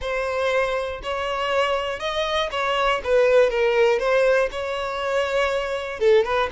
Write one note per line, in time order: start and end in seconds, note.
0.01 1.01 C5
1.02 1.99 C#5
1.99 2.49 D#5
2.51 3.01 C#5
3.03 3.50 B4
3.50 3.99 A#4
3.99 4.49 C5
4.51 5.99 C#5
5.99 6.24 A4
6.24 6.49 B4